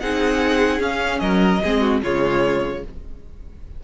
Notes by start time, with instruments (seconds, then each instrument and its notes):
0.00 cello C4, viola D#4, violin G#4 F#5
0.79 viola C#4, cello C#4, violin F5
1.19 cello F#3, violin A#4 D#5
1.62 cello G#3, viola C4, violin G#4
1.81 violin F#4
2.03 cello C#3, viola G#3, violin F4 C#5